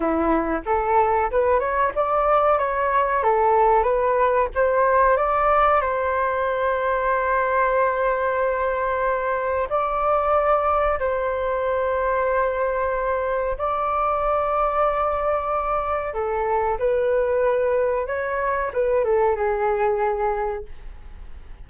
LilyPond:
\new Staff \with { instrumentName = "flute" } { \time 4/4 \tempo 4 = 93 e'4 a'4 b'8 cis''8 d''4 | cis''4 a'4 b'4 c''4 | d''4 c''2.~ | c''2. d''4~ |
d''4 c''2.~ | c''4 d''2.~ | d''4 a'4 b'2 | cis''4 b'8 a'8 gis'2 | }